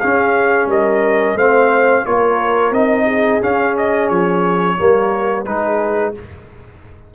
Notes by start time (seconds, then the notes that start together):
0.00 C#4 G#4 F5
0.66 G3 A#4 D#5
1.35 A3 C4 C5 F5
2.05 A#3 F4 A#4 C#5
2.71 C4 D#4 D#5
3.05 G#4
3.41 C#4 F5
3.77 D#5
4.08 F3 C#5
4.77 G3 A#3 A#4
5.45 G#3 D#4 G#4 B4